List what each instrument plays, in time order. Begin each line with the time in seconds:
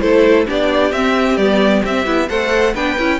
0.00 cello A3, viola E4, violin A4 C5
0.46 cello B3, viola D4, violin G4 D5
0.92 cello C4, viola C4, violin E5
1.37 cello G3, viola B3, violin D5
1.85 cello C4, viola C4, violin E5
2.06 cello B3, viola E4
2.28 cello A3, viola A4, violin C5 F#5
2.74 cello B3, viola D4, violin B4 G5
2.98 cello C#4, viola E4